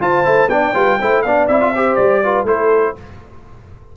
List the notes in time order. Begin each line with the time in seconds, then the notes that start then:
0.00 F4 C5 A5
0.24 A3 E4
0.47 B3 D4 D5 G5
0.73 G3 F4 B4
0.99 A3 E4 C5
1.22 B3 D4 D5 F5
1.47 C4 E4 E5
1.60 F4
1.73 G4 C5
1.95 G3 D5
2.23 F4 B4
2.43 A3 E4 A4 C5